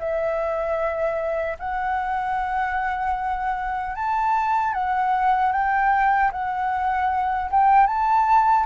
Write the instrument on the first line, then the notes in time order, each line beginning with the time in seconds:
flute
0.00 E5
1.59 F#5
3.96 A5
4.74 F#5
5.53 G5
6.32 F#5
7.51 G5
7.87 A5